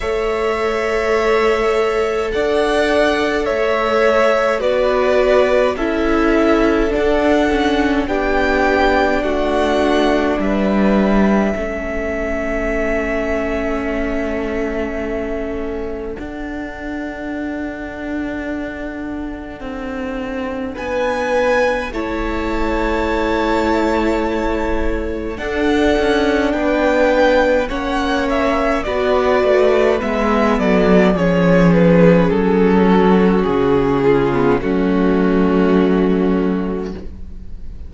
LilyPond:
<<
  \new Staff \with { instrumentName = "violin" } { \time 4/4 \tempo 4 = 52 e''2 fis''4 e''4 | d''4 e''4 fis''4 g''4 | fis''4 e''2.~ | e''2 fis''2~ |
fis''2 gis''4 a''4~ | a''2 fis''4 g''4 | fis''8 e''8 d''4 e''8 d''8 cis''8 b'8 | a'4 gis'4 fis'2 | }
  \new Staff \with { instrumentName = "violin" } { \time 4/4 cis''2 d''4 cis''4 | b'4 a'2 g'4 | fis'4 b'4 a'2~ | a'1~ |
a'2 b'4 cis''4~ | cis''2 a'4 b'4 | cis''4 b'4. a'8 gis'4~ | gis'8 fis'4 f'8 cis'2 | }
  \new Staff \with { instrumentName = "viola" } { \time 4/4 a'1 | fis'4 e'4 d'8 cis'8 d'4~ | d'2 cis'2~ | cis'2 d'2~ |
d'2. e'4~ | e'2 d'2 | cis'4 fis'4 b4 cis'4~ | cis'4.~ cis'16 b16 a2 | }
  \new Staff \with { instrumentName = "cello" } { \time 4/4 a2 d'4 a4 | b4 cis'4 d'4 b4 | a4 g4 a2~ | a2 d'2~ |
d'4 c'4 b4 a4~ | a2 d'8 cis'8 b4 | ais4 b8 a8 gis8 fis8 f4 | fis4 cis4 fis2 | }
>>